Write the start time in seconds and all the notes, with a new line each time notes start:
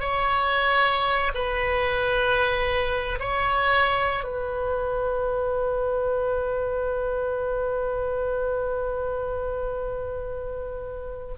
0.00 C#5
1.35 B4
3.20 C#5
4.24 B4